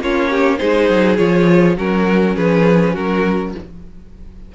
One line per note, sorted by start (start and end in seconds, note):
0.00 0.59 A#3
0.00 0.58 C#4
0.00 0.30 F4
0.00 0.58 C#5
0.30 0.59 G4
0.58 0.89 G#3
0.58 1.17 D#4
0.58 1.76 G#4
0.58 1.16 C5
0.89 1.19 F#3
1.17 1.77 F3
1.17 1.76 F4
1.17 1.76 C#5
1.76 2.36 F#3
1.76 3.54 C#4
1.76 2.35 F#4
1.76 2.36 A#4
2.36 2.95 F3
2.36 2.93 G#4
2.36 2.95 B4
2.93 3.54 F#3
2.93 3.52 F#4
2.93 3.53 A#4